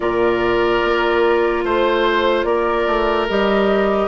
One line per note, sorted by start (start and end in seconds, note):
0.00 0.82 A#2
0.00 3.29 F4
0.00 1.64 A#4
0.00 1.63 D5
0.84 1.64 A#3
1.64 2.43 A3
1.64 2.46 C5
1.64 2.43 C5
2.43 2.85 A#3
2.43 4.08 A#4
2.43 3.26 D5
2.86 3.28 A3
3.28 4.08 G3
3.28 4.08 G4
3.28 4.08 D#5